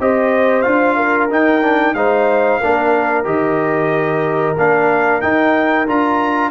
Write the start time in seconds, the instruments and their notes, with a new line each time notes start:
0.00 tuba C4, trombone G4, horn C5, trumpet D#5
0.62 tuba D4, trombone F4, trumpet F5
0.96 horn A#4
1.30 trombone D#4, tuba D#4, trumpet G5
1.62 trombone D4
1.94 tuba G#3, trombone D#4, horn C5, trumpet F5
2.61 tuba A#3, trombone D4, horn A#4
3.24 tuba D#3, trombone G4, trumpet D#5
4.58 tuba A#3, trombone D4, trumpet F5
5.21 trombone D#4, tuba D#4, trumpet G5
5.87 tuba D4, trombone F4, trumpet A#5